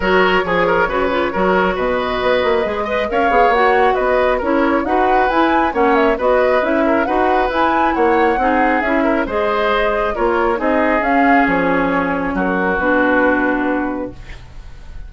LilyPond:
<<
  \new Staff \with { instrumentName = "flute" } { \time 4/4 \tempo 4 = 136 cis''1 | dis''2. f''4 | fis''4 dis''4 cis''4 fis''4 | gis''4 fis''8 e''8 dis''4 e''4 |
fis''4 gis''4 fis''2 | e''4 dis''2 cis''4 | dis''4 f''4 cis''2 | ais'4 b'2. | }
  \new Staff \with { instrumentName = "oboe" } { \time 4/4 ais'4 gis'8 ais'8 b'4 ais'4 | b'2~ b'8 dis''8 cis''4~ | cis''4 b'4 ais'4 b'4~ | b'4 cis''4 b'4. ais'8 |
b'2 cis''4 gis'4~ | gis'8 ais'8 c''2 ais'4 | gis'1 | fis'1 | }
  \new Staff \with { instrumentName = "clarinet" } { \time 4/4 fis'4 gis'4 fis'8 f'8 fis'4~ | fis'2 gis'8 b'8 ais'8 gis'8 | fis'2 e'4 fis'4 | e'4 cis'4 fis'4 e'4 |
fis'4 e'2 dis'4 | e'4 gis'2 f'4 | dis'4 cis'2.~ | cis'4 d'2. | }
  \new Staff \with { instrumentName = "bassoon" } { \time 4/4 fis4 f4 cis4 fis4 | b,4 b8 ais8 gis4 cis'8 b8 | ais4 b4 cis'4 dis'4 | e'4 ais4 b4 cis'4 |
dis'4 e'4 ais4 c'4 | cis'4 gis2 ais4 | c'4 cis'4 f2 | fis4 b,2. | }
>>